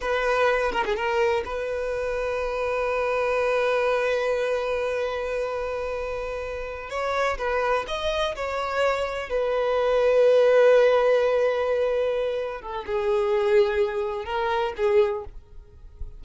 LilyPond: \new Staff \with { instrumentName = "violin" } { \time 4/4 \tempo 4 = 126 b'4. ais'16 gis'16 ais'4 b'4~ | b'1~ | b'1~ | b'2~ b'8 cis''4 b'8~ |
b'8 dis''4 cis''2 b'8~ | b'1~ | b'2~ b'8 a'8 gis'4~ | gis'2 ais'4 gis'4 | }